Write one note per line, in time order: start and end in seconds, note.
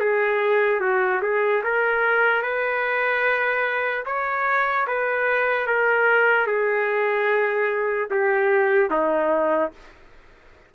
0.00 0.80 G#4
0.80 1.21 F#4
1.22 1.63 G#4
1.64 2.43 A#4
2.43 4.05 B4
4.05 4.86 C#5
4.87 5.67 B4
5.67 6.47 A#4
6.47 8.09 G#4
8.10 8.90 G4
8.90 9.71 D#4